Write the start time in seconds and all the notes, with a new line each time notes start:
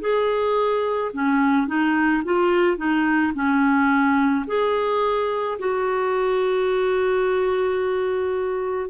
0.00 G#4
1.13 C#4
1.67 D#4
2.24 F4
2.77 D#4
3.34 C#4
4.46 G#4
5.59 F#4